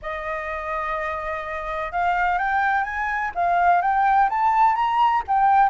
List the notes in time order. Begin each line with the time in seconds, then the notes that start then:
0.02 D#5
1.92 F5
2.38 G5
2.83 G#5
3.35 F5
3.81 G5
4.29 A5
4.75 A#5
5.27 G5